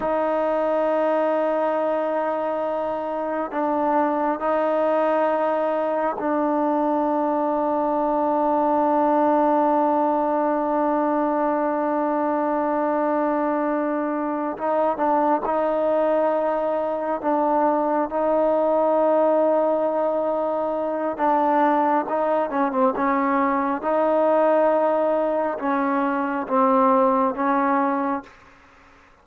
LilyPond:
\new Staff \with { instrumentName = "trombone" } { \time 4/4 \tempo 4 = 68 dis'1 | d'4 dis'2 d'4~ | d'1~ | d'1~ |
d'8 dis'8 d'8 dis'2 d'8~ | d'8 dis'2.~ dis'8 | d'4 dis'8 cis'16 c'16 cis'4 dis'4~ | dis'4 cis'4 c'4 cis'4 | }